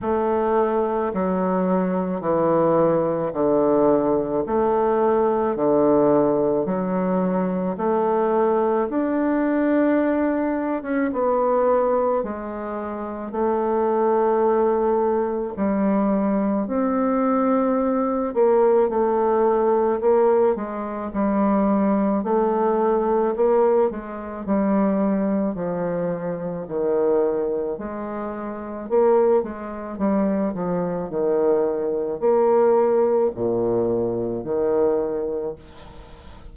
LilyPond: \new Staff \with { instrumentName = "bassoon" } { \time 4/4 \tempo 4 = 54 a4 fis4 e4 d4 | a4 d4 fis4 a4 | d'4.~ d'16 cis'16 b4 gis4 | a2 g4 c'4~ |
c'8 ais8 a4 ais8 gis8 g4 | a4 ais8 gis8 g4 f4 | dis4 gis4 ais8 gis8 g8 f8 | dis4 ais4 ais,4 dis4 | }